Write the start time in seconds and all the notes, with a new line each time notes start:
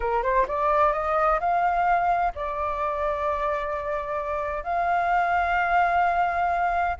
0.00 A#4
0.23 C5
0.47 D5
0.93 D#5
1.40 F5
2.35 D5
4.63 F5